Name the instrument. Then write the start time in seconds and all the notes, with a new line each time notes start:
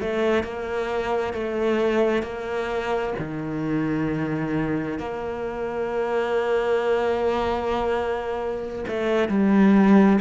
cello
0.00 A3
0.43 A#3
1.33 A3
2.22 A#3
3.18 D#3
4.98 A#3
8.87 A3
9.28 G3